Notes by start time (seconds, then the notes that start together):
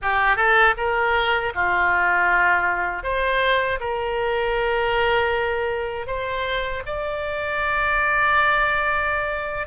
0.02 G4
0.36 A4
0.77 A#4
1.55 F4
3.03 C5
3.79 A#4
6.06 C5
6.86 D5